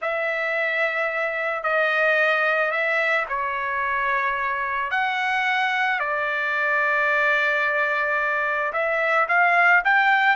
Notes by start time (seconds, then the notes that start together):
0.01 E5
1.63 D#5
2.71 E5
3.28 C#5
4.91 F#5
5.99 D5
8.72 E5
9.28 F5
9.84 G5